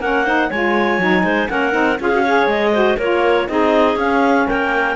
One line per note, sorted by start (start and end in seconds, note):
0.00 0.50 A#3
0.00 0.26 C#4
0.00 0.25 A#4
0.00 0.51 F#5
0.25 0.51 D#4
0.25 0.49 C5
0.50 0.98 G#3
0.50 1.00 F4
0.50 1.24 C#5
0.50 1.49 G#5
0.98 1.23 F#3
0.98 1.48 D#4
1.23 1.48 G#3
1.23 1.49 C5
1.48 1.74 A#3
1.48 1.72 C#4
1.48 2.00 A#4
1.48 1.99 F#5
1.72 1.99 C4
1.72 1.97 D#4
2.00 2.46 C#4
2.00 2.12 F4
2.00 2.22 G#4
2.00 2.48 F5
2.12 2.25 F#4
2.22 2.73 G#4
2.22 2.71 C#5
2.46 2.96 G#3
2.46 2.98 D#5
2.73 2.98 F#4
2.73 2.98 C5
2.98 3.49 A#3
2.98 3.48 F4
2.98 3.47 A#4
2.98 3.48 C#5
3.48 3.96 C4
3.48 3.98 D#4
3.48 4.47 G#4
3.48 3.98 D#5
3.96 4.45 C#4
3.96 4.96 C#4
3.96 4.48 F5
4.47 4.96 A#3
4.47 4.96 A#4
4.47 4.96 G5